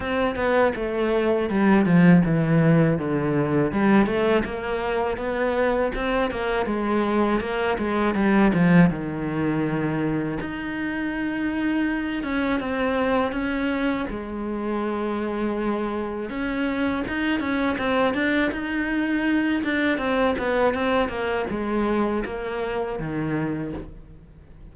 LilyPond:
\new Staff \with { instrumentName = "cello" } { \time 4/4 \tempo 4 = 81 c'8 b8 a4 g8 f8 e4 | d4 g8 a8 ais4 b4 | c'8 ais8 gis4 ais8 gis8 g8 f8 | dis2 dis'2~ |
dis'8 cis'8 c'4 cis'4 gis4~ | gis2 cis'4 dis'8 cis'8 | c'8 d'8 dis'4. d'8 c'8 b8 | c'8 ais8 gis4 ais4 dis4 | }